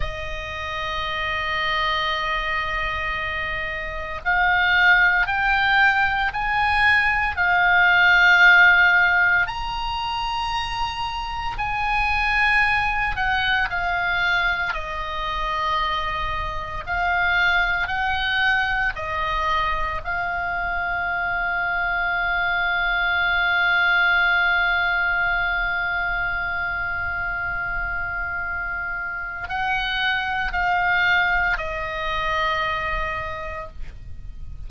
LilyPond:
\new Staff \with { instrumentName = "oboe" } { \time 4/4 \tempo 4 = 57 dis''1 | f''4 g''4 gis''4 f''4~ | f''4 ais''2 gis''4~ | gis''8 fis''8 f''4 dis''2 |
f''4 fis''4 dis''4 f''4~ | f''1~ | f''1 | fis''4 f''4 dis''2 | }